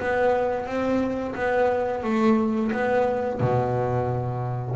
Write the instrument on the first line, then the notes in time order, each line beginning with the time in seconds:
double bass
0.00 B3
0.67 C4
1.35 B3
2.04 A3
2.72 B3
3.41 B2